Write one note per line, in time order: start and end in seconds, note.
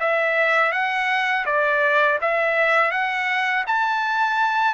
0.00 0.72 E5
0.72 1.45 F#5
1.45 2.19 D5
2.21 2.91 E5
2.91 3.64 F#5
3.67 4.74 A5